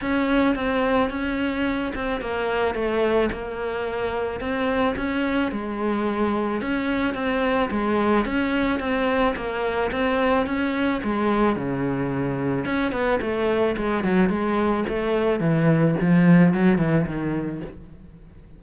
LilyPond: \new Staff \with { instrumentName = "cello" } { \time 4/4 \tempo 4 = 109 cis'4 c'4 cis'4. c'8 | ais4 a4 ais2 | c'4 cis'4 gis2 | cis'4 c'4 gis4 cis'4 |
c'4 ais4 c'4 cis'4 | gis4 cis2 cis'8 b8 | a4 gis8 fis8 gis4 a4 | e4 f4 fis8 e8 dis4 | }